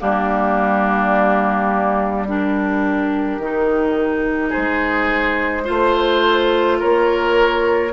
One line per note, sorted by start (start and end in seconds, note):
0.00 3.39 G3
0.00 2.26 A#3
0.00 2.28 D4
0.00 2.27 G4
2.27 3.41 D4
2.27 4.49 G4
2.27 4.53 A#4
3.39 4.52 D#3
3.39 5.65 D#4
4.49 5.62 G#4
4.49 6.79 C5
4.57 5.69 G#3
5.65 6.83 A3
5.65 7.91 F4
5.65 6.79 C5
6.79 7.94 A#3
6.79 7.93 A#4
6.79 7.94 C#5